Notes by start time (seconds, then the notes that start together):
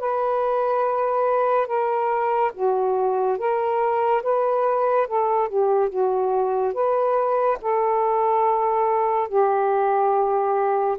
0.00 B4
1.67 A#4
2.55 F#4
3.38 A#4
4.23 B4
5.08 A4
5.49 G4
5.90 F#4
6.74 B4
7.62 A4
9.29 G4